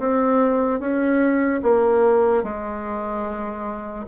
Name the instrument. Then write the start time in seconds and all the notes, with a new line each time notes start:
bassoon
0.00 C4
0.80 C#4
1.63 A#3
2.44 G#3